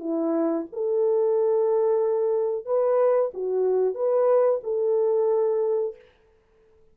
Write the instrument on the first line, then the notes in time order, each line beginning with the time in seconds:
horn
0.00 E4
0.73 A4
2.66 B4
3.34 F#4
3.95 B4
4.64 A4